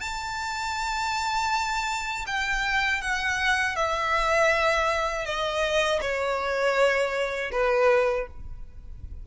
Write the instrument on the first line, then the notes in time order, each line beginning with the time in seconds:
violin
0.00 A5
2.26 G5
3.01 F#5
3.75 E5
5.25 D#5
6.00 C#5
7.51 B4